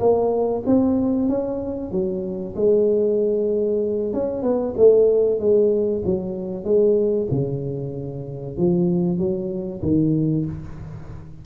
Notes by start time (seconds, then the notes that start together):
0.00 A#3
0.66 C4
1.29 C#4
1.91 F#3
2.56 G#3
4.13 C#4
4.43 B3
4.77 A3
5.39 G#3
6.05 F#3
6.64 G#3
7.31 C#3
8.58 F3
9.18 F#3
9.82 D#3